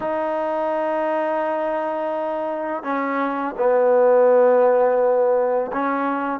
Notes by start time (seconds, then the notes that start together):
0.00 D#4
2.83 C#4
3.57 B3
5.72 C#4